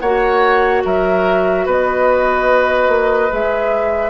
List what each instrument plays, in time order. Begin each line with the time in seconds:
0.00 bassoon A#3, clarinet F#4, oboe C#5, flute F#5
0.85 bassoon F#3, oboe A#4, flute E5
1.66 bassoon B3, oboe B4, flute D#5
2.88 bassoon A#3
3.29 bassoon G#3, clarinet G#4, flute E5